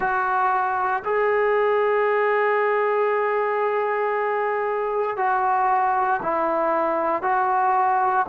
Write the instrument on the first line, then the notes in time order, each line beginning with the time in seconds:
trombone
0.00 F#4
1.04 G#4
5.17 F#4
6.22 E4
7.22 F#4